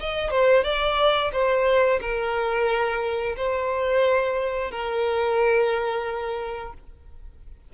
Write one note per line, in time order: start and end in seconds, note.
0.00 0.31 D#5
0.31 0.64 C5
0.64 1.31 D5
1.33 2.00 C5
2.01 3.36 A#4
3.37 4.71 C5
4.71 6.74 A#4